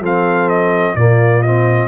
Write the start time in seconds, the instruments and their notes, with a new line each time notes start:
0.00 tuba F3, trombone C4, horn A4, trumpet F5
0.49 trumpet D#5
0.96 tuba A#2, trombone A#3, horn F4, trumpet D5
1.43 trombone C4, trumpet D#5